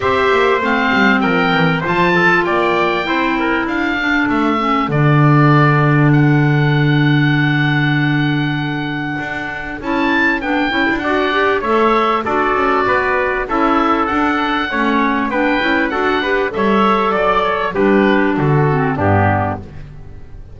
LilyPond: <<
  \new Staff \with { instrumentName = "oboe" } { \time 4/4 \tempo 4 = 98 e''4 f''4 g''4 a''4 | g''2 f''4 e''4 | d''2 fis''2~ | fis''1 |
a''4 g''4 fis''4 e''4 | d''2 e''4 fis''4~ | fis''4 g''4 fis''4 e''4 | d''8 cis''8 b'4 a'4 g'4 | }
  \new Staff \with { instrumentName = "trumpet" } { \time 4/4 c''2 ais'4 c''8 a'8 | d''4 c''8 ais'8 a'2~ | a'1~ | a'1~ |
a'2 d''4 cis''4 | a'4 b'4 a'2 | cis''4 b'4 a'8 b'8 cis''4 | d''4 g'4 fis'4 d'4 | }
  \new Staff \with { instrumentName = "clarinet" } { \time 4/4 g'4 c'2 f'4~ | f'4 e'4. d'4 cis'8 | d'1~ | d'1 |
e'4 d'8 e'8 fis'8 g'8 a'4 | fis'2 e'4 d'4 | cis'4 d'8 e'8 fis'8 g'8 a'4~ | a'4 d'4. c'8 b4 | }
  \new Staff \with { instrumentName = "double bass" } { \time 4/4 c'8 ais8 a8 g8 f8 e8 f4 | ais4 c'4 d'4 a4 | d1~ | d2. d'4 |
cis'4 b8 cis'16 d'4~ d'16 a4 | d'8 cis'8 b4 cis'4 d'4 | a4 b8 cis'8 d'4 g4 | fis4 g4 d4 g,4 | }
>>